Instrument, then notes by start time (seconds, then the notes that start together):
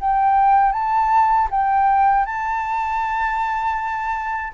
flute
0.00 G5
0.72 A5
1.51 G5
2.25 A5